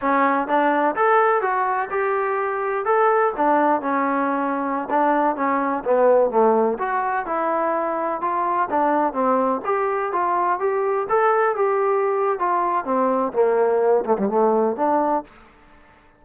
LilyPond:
\new Staff \with { instrumentName = "trombone" } { \time 4/4 \tempo 4 = 126 cis'4 d'4 a'4 fis'4 | g'2 a'4 d'4 | cis'2~ cis'16 d'4 cis'8.~ | cis'16 b4 a4 fis'4 e'8.~ |
e'4~ e'16 f'4 d'4 c'8.~ | c'16 g'4 f'4 g'4 a'8.~ | a'16 g'4.~ g'16 f'4 c'4 | ais4. a16 g16 a4 d'4 | }